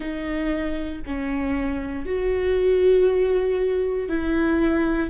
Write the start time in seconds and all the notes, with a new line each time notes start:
0.00 D#4
1.06 C#4
2.05 F#4
4.08 E4